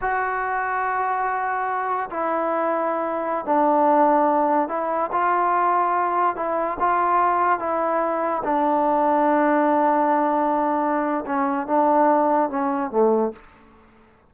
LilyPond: \new Staff \with { instrumentName = "trombone" } { \time 4/4 \tempo 4 = 144 fis'1~ | fis'4 e'2.~ | e'16 d'2. e'8.~ | e'16 f'2. e'8.~ |
e'16 f'2 e'4.~ e'16~ | e'16 d'2.~ d'8.~ | d'2. cis'4 | d'2 cis'4 a4 | }